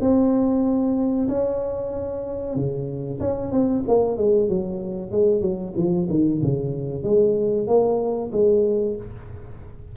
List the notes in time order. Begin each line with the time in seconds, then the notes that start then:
0.00 C4
1.28 C#4
2.56 C#3
3.20 C#4
3.51 C4
3.88 A#3
4.17 G#3
4.49 F#3
5.11 G#3
5.41 F#3
5.76 F3
6.10 D#3
6.42 C#3
7.03 G#3
7.67 A#3
8.32 G#3